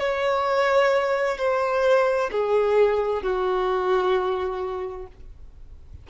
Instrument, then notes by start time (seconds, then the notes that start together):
violin
0.00 C#5
1.38 C5
2.32 G#4
3.23 F#4